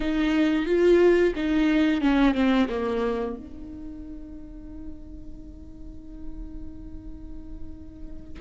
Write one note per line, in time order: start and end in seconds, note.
0.00 0.66 D#4
0.66 1.33 F4
1.35 2.01 D#4
2.01 2.34 C#4
2.34 2.68 C4
2.69 3.36 A#3
3.36 8.40 D#4